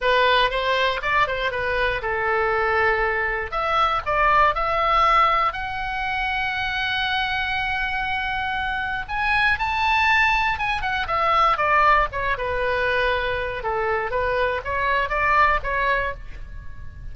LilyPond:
\new Staff \with { instrumentName = "oboe" } { \time 4/4 \tempo 4 = 119 b'4 c''4 d''8 c''8 b'4 | a'2. e''4 | d''4 e''2 fis''4~ | fis''1~ |
fis''2 gis''4 a''4~ | a''4 gis''8 fis''8 e''4 d''4 | cis''8 b'2~ b'8 a'4 | b'4 cis''4 d''4 cis''4 | }